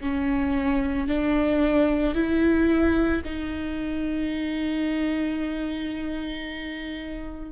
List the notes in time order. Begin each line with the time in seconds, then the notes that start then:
0.00 C#4
1.08 D4
2.14 E4
3.24 D#4